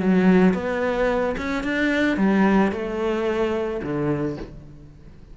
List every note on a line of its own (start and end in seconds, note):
0.00 0.54 F#3
0.54 1.36 B3
1.38 1.63 C#4
1.63 2.17 D4
2.17 2.72 G3
2.72 3.81 A3
3.83 4.37 D3